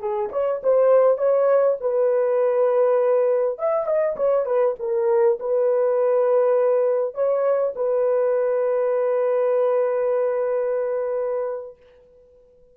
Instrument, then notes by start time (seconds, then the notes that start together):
horn
0.00 G#4
0.32 C#5
0.63 C5
1.18 C#5
1.81 B4
3.59 E5
3.87 D#5
4.17 C#5
4.46 B4
4.80 A#4
5.40 B4
7.15 C#5
7.76 B4